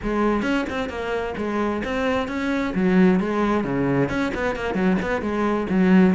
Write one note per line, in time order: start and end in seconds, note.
0.02 0.42 G#3
0.42 0.65 C#4
0.69 0.89 C4
0.89 1.34 A#3
1.37 1.82 G#3
1.84 2.28 C4
2.28 2.73 C#4
2.74 3.20 F#3
3.20 3.64 G#3
3.64 4.09 C#3
4.09 4.32 C#4
4.34 4.55 B3
4.55 4.74 A#3
4.74 4.97 F#3
5.02 5.21 B3
5.21 5.67 G#3
5.69 6.14 F#3